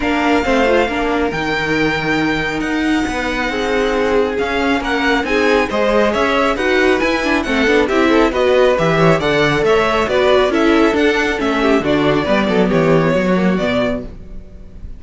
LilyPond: <<
  \new Staff \with { instrumentName = "violin" } { \time 4/4 \tempo 4 = 137 f''2. g''4~ | g''2 fis''2~ | fis''2 f''4 fis''4 | gis''4 dis''4 e''4 fis''4 |
gis''4 fis''4 e''4 dis''4 | e''4 fis''4 e''4 d''4 | e''4 fis''4 e''4 d''4~ | d''4 cis''2 d''4 | }
  \new Staff \with { instrumentName = "violin" } { \time 4/4 ais'4 c''4 ais'2~ | ais'2. b'4 | gis'2. ais'4 | gis'4 c''4 cis''4 b'4~ |
b'4 a'4 g'8 a'8 b'4~ | b'8 cis''8 d''4 cis''4 b'4 | a'2~ a'8 g'8 fis'4 | b'8 a'8 g'4 fis'2 | }
  \new Staff \with { instrumentName = "viola" } { \time 4/4 d'4 c'8 f'8 d'4 dis'4~ | dis'1~ | dis'2 cis'2 | dis'4 gis'2 fis'4 |
e'8 d'8 c'8 d'8 e'4 fis'4 | g'4 a'2 fis'4 | e'4 d'4 cis'4 d'4 | b2~ b8 ais8 b4 | }
  \new Staff \with { instrumentName = "cello" } { \time 4/4 ais4 a4 ais4 dis4~ | dis2 dis'4 b4 | c'2 cis'4 ais4 | c'4 gis4 cis'4 dis'4 |
e'4 a8 b8 c'4 b4 | e4 d4 a4 b4 | cis'4 d'4 a4 d4 | g8 fis8 e4 fis4 b,4 | }
>>